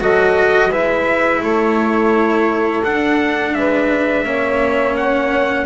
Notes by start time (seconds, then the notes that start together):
0.00 F#3 F#4 A4 D#5
0.70 G#3 E4 B4 E5
1.40 A3 A4 C#5
2.84 D4 F#5
3.54 G#3 B4 E5
4.24 A#3 C#4 C#5
4.96 F#5